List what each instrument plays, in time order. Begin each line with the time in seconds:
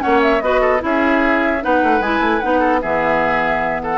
0.00 clarinet C#4, oboe C#5, flute F#5
0.06 bassoon A#3
0.23 flute E5
0.42 bassoon B3, clarinet F#4, oboe B4, flute D#5
0.61 oboe A4
0.80 bassoon C#4, clarinet E4, oboe G#4, flute E5
1.62 bassoon B3, clarinet D#4, oboe B4, flute F#5
1.84 bassoon A3
2.01 bassoon G#3, clarinet E4, flute G#5
2.20 bassoon A3
2.41 bassoon B3, clarinet D#4, flute F#5
2.60 oboe A4
2.82 bassoon E3, clarinet B3, oboe G#4, flute E5
3.83 oboe A4, flute F#5